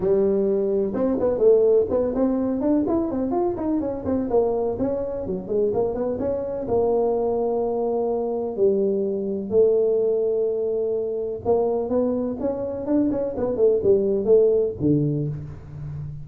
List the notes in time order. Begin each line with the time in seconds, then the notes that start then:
0.00 G3
0.94 C4
1.19 B3
1.38 A3
1.90 B3
2.14 C4
2.60 D4
2.87 E4
3.10 C4
3.31 F4
3.56 D#4
3.80 C#4
4.05 C4
4.30 A#3
4.78 C#4
5.26 F#3
5.47 G#3
5.73 A#3
5.94 B3
6.19 C#4
6.68 A#3
8.56 G3
9.50 A3
11.45 A#3
11.89 B3
12.40 C#4
12.86 D4
13.11 C#4
13.37 B3
13.56 A3
13.83 G3
14.24 A3
14.80 D3